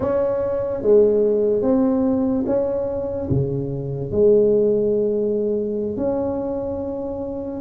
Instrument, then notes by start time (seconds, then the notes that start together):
tuba
0.00 C#4
0.81 G#3
1.62 C4
2.46 C#4
3.30 C#3
4.11 G#3
5.96 C#4